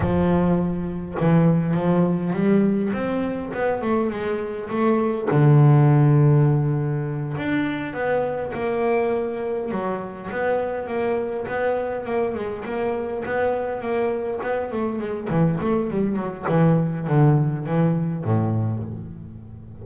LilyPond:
\new Staff \with { instrumentName = "double bass" } { \time 4/4 \tempo 4 = 102 f2 e4 f4 | g4 c'4 b8 a8 gis4 | a4 d2.~ | d8 d'4 b4 ais4.~ |
ais8 fis4 b4 ais4 b8~ | b8 ais8 gis8 ais4 b4 ais8~ | ais8 b8 a8 gis8 e8 a8 g8 fis8 | e4 d4 e4 a,4 | }